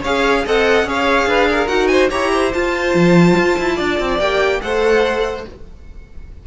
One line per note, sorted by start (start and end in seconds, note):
0.00 0.46 C#4
0.00 0.45 G#4
0.00 0.42 C#5
0.00 0.46 F5
0.45 0.84 C4
0.45 0.86 A4
0.45 0.87 D#5
0.45 0.89 F#5
0.84 1.25 C#4
0.84 1.68 G#4
0.84 1.28 C#5
0.84 1.68 F5
1.26 1.68 D4
1.26 1.49 B4
1.50 1.90 A#4
1.68 2.10 D#4
1.68 2.10 F#4
1.68 1.87 F#5
1.87 2.10 C5
1.87 2.08 G#5
2.10 2.54 E4
2.10 2.52 G4
2.10 2.31 C#5
2.10 2.52 A#5
2.33 3.76 C5
2.53 4.19 F4
2.53 2.94 F4
2.53 4.19 A5
2.94 3.36 F3
3.37 3.58 F4
3.58 3.79 E4
3.76 3.99 D4
3.76 4.59 D5
3.99 4.19 C4
4.19 4.61 A#3
4.19 4.61 G4
4.19 4.61 G5
4.61 5.45 A3
4.61 5.44 A4
4.61 5.47 C5
4.61 5.45 F#5